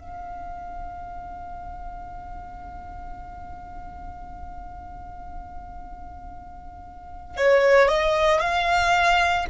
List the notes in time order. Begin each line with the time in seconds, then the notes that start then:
0.00 F5
7.37 C#5
7.89 D#5
8.41 F5